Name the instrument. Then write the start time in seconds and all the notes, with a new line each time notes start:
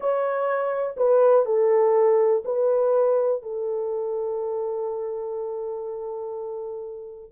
horn
0.00 C#5
0.96 B4
1.45 A4
2.44 B4
3.42 A4